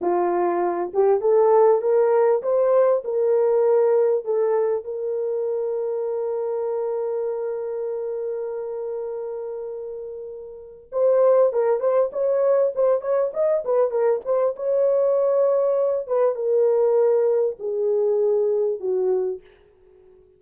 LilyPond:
\new Staff \with { instrumentName = "horn" } { \time 4/4 \tempo 4 = 99 f'4. g'8 a'4 ais'4 | c''4 ais'2 a'4 | ais'1~ | ais'1~ |
ais'2 c''4 ais'8 c''8 | cis''4 c''8 cis''8 dis''8 b'8 ais'8 c''8 | cis''2~ cis''8 b'8 ais'4~ | ais'4 gis'2 fis'4 | }